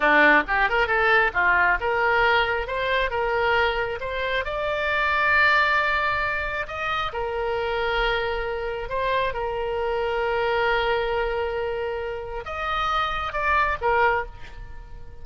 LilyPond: \new Staff \with { instrumentName = "oboe" } { \time 4/4 \tempo 4 = 135 d'4 g'8 ais'8 a'4 f'4 | ais'2 c''4 ais'4~ | ais'4 c''4 d''2~ | d''2. dis''4 |
ais'1 | c''4 ais'2.~ | ais'1 | dis''2 d''4 ais'4 | }